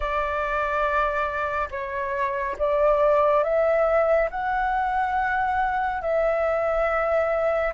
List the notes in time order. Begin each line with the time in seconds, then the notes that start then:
0.00 D5
1.70 C#5
2.58 D5
3.43 E5
4.30 F#5
6.01 E5